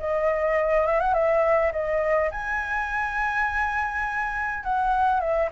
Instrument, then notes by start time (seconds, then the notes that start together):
flute
0.00 D#5
0.87 E5
1.00 F#5
1.14 E5
1.73 D#5
2.31 G#5
4.64 F#5
5.21 E5